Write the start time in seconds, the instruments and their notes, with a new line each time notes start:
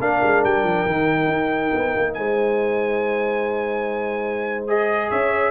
0.00 tuba A#3, trombone D4, horn A#4, trumpet F5
0.23 tuba G#3
0.44 tuba G3, trumpet G5
0.64 tuba F3
0.86 tuba D#3, trombone D#4
1.27 tuba D#4
1.74 tuba B3
1.96 tuba A#3
2.14 tuba G#3, horn C5, trumpet G#5
4.68 trombone G#4, trumpet D#5
5.09 tuba C#4, horn C#5, trumpet E5